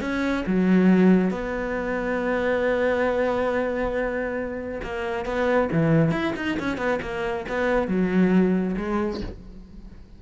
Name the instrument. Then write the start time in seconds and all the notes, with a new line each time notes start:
cello
0.00 C#4
0.46 F#3
1.30 B3
4.83 A#3
5.25 B3
5.72 E3
6.11 E4
6.36 D#4
6.59 C#4
6.77 B3
7.02 A#3
7.49 B3
7.87 F#3
8.77 G#3